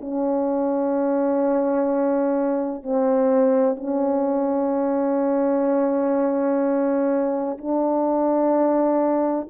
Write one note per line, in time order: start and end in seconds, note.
0.00 2.83 C#4
2.83 3.76 C4
3.76 7.57 C#4
7.58 9.48 D4